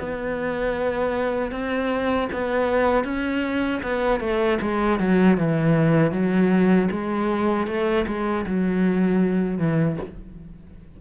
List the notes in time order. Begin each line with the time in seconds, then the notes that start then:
0.00 B3
1.52 C4
2.33 B3
3.05 C#4
3.83 B3
4.21 A3
4.62 G#3
5.00 F#3
5.38 E3
6.12 F#3
6.92 G#3
7.67 A3
8.07 G#3
8.47 F#3
9.58 E3